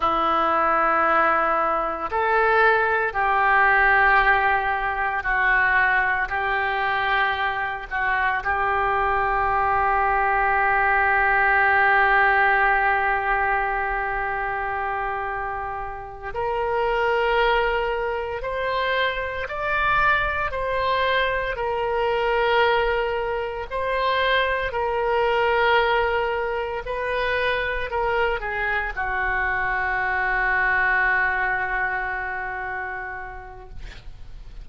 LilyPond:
\new Staff \with { instrumentName = "oboe" } { \time 4/4 \tempo 4 = 57 e'2 a'4 g'4~ | g'4 fis'4 g'4. fis'8 | g'1~ | g'2.~ g'8 ais'8~ |
ais'4. c''4 d''4 c''8~ | c''8 ais'2 c''4 ais'8~ | ais'4. b'4 ais'8 gis'8 fis'8~ | fis'1 | }